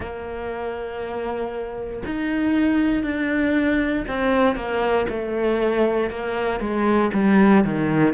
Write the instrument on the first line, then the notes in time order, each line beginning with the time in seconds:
cello
0.00 A#3
2.05 D#4
3.03 D4
4.08 C4
4.55 A#3
5.09 A3
6.10 A#3
6.60 G#3
7.13 G3
7.64 D#3